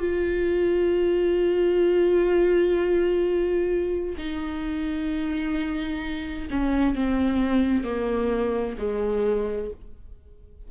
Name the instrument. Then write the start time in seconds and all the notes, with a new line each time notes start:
viola
0.00 F4
4.18 D#4
6.50 C#4
6.95 C4
7.84 A#3
8.78 G#3